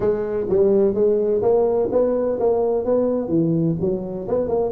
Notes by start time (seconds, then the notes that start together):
0.00 G#3
0.49 G3
0.94 G#3
1.42 A#3
1.91 B3
2.39 A#3
2.84 B3
3.28 E3
3.80 F#3
4.28 B3
4.48 A#3